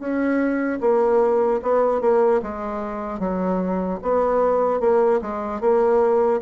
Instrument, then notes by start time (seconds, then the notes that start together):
bassoon
0.00 C#4
0.81 A#3
1.63 B3
2.01 A#3
2.43 G#3
3.20 F#3
4.03 B3
4.81 A#3
5.22 G#3
5.61 A#3